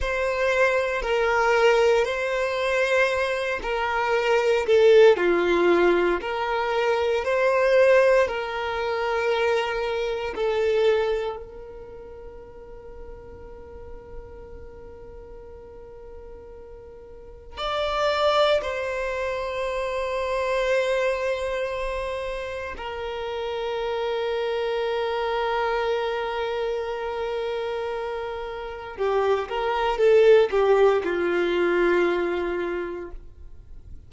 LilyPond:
\new Staff \with { instrumentName = "violin" } { \time 4/4 \tempo 4 = 58 c''4 ais'4 c''4. ais'8~ | ais'8 a'8 f'4 ais'4 c''4 | ais'2 a'4 ais'4~ | ais'1~ |
ais'4 d''4 c''2~ | c''2 ais'2~ | ais'1 | g'8 ais'8 a'8 g'8 f'2 | }